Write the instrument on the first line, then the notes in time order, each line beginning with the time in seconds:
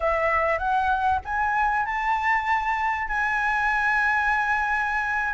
flute
0.00 E5
0.58 F#5
1.24 G#5
1.85 A5
3.08 G#5